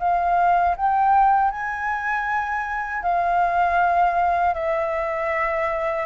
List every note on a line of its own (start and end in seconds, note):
0.00 0.76 F5
0.77 1.52 G5
1.52 3.03 G#5
3.03 4.54 F5
4.54 6.06 E5